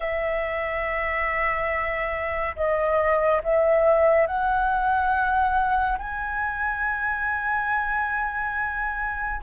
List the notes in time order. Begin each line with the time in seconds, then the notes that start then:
0.00 E5
2.56 D#5
3.43 E5
4.26 F#5
5.98 G#5